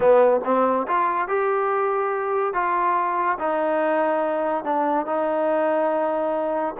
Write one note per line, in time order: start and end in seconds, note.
0.00 0.40 B3
0.44 0.86 C4
0.87 1.28 F4
1.28 2.53 G4
2.53 3.38 F4
3.39 4.64 D#4
4.64 5.06 D4
5.06 6.75 D#4